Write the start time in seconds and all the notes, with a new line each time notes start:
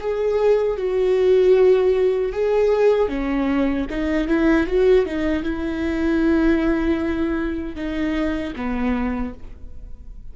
0.00 G#4
0.77 F#4
2.32 G#4
3.08 C#4
3.90 D#4
4.28 E4
4.66 F#4
5.05 D#4
5.43 E4
7.76 D#4
8.56 B3